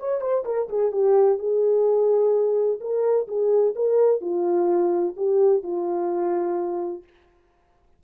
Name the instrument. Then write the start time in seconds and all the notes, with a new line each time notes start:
horn
0.00 C#5
0.21 C5
0.46 A#4
0.69 G#4
0.92 G4
1.39 G#4
2.81 A#4
3.28 G#4
3.76 A#4
4.21 F4
5.17 G4
5.63 F4